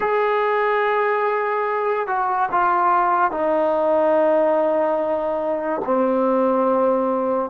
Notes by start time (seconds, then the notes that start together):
0.00 G#4
2.07 F#4
2.52 F4
3.31 D#4
5.84 C4